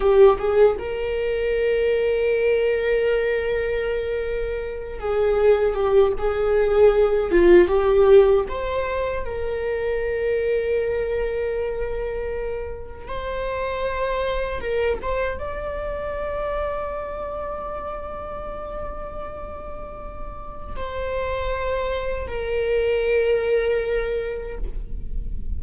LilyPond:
\new Staff \with { instrumentName = "viola" } { \time 4/4 \tempo 4 = 78 g'8 gis'8 ais'2.~ | ais'2~ ais'8 gis'4 g'8 | gis'4. f'8 g'4 c''4 | ais'1~ |
ais'4 c''2 ais'8 c''8 | d''1~ | d''2. c''4~ | c''4 ais'2. | }